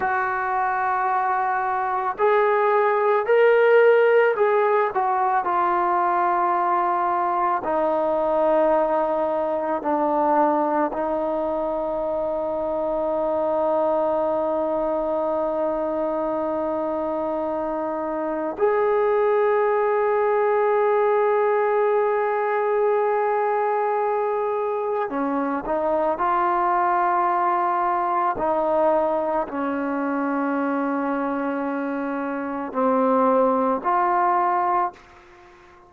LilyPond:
\new Staff \with { instrumentName = "trombone" } { \time 4/4 \tempo 4 = 55 fis'2 gis'4 ais'4 | gis'8 fis'8 f'2 dis'4~ | dis'4 d'4 dis'2~ | dis'1~ |
dis'4 gis'2.~ | gis'2. cis'8 dis'8 | f'2 dis'4 cis'4~ | cis'2 c'4 f'4 | }